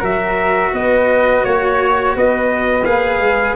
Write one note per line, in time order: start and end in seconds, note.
0.00 0.73 F#3
0.00 2.83 F#4
0.00 0.71 A#4
0.00 0.75 E5
0.74 1.44 B3
0.74 1.44 B4
0.74 1.45 D#5
1.44 2.16 A#3
1.44 2.15 C#5
1.44 2.16 C#5
2.16 2.86 B3
2.16 3.56 B4
2.16 2.85 D#5
2.85 3.19 A#3
2.85 3.56 G#4
2.85 3.55 F5
3.19 3.55 G#3